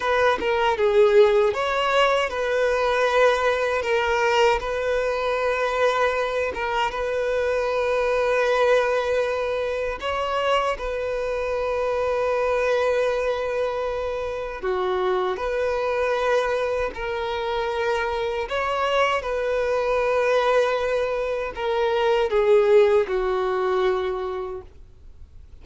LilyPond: \new Staff \with { instrumentName = "violin" } { \time 4/4 \tempo 4 = 78 b'8 ais'8 gis'4 cis''4 b'4~ | b'4 ais'4 b'2~ | b'8 ais'8 b'2.~ | b'4 cis''4 b'2~ |
b'2. fis'4 | b'2 ais'2 | cis''4 b'2. | ais'4 gis'4 fis'2 | }